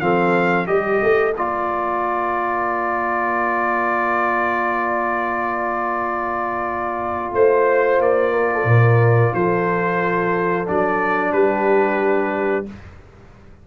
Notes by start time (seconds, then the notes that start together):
0.00 F3 C4 A4 F5
0.67 G3 G4 A#4 D#5
1.02 A3
1.36 A#3 F4 D5
7.34 A3 C5
8.00 A#3 D5
8.33 A#4
8.54 A4
8.65 A#2 A#4
9.34 F3 A4 C5
10.66 F#3 D4 D5
11.33 G3 G4 B4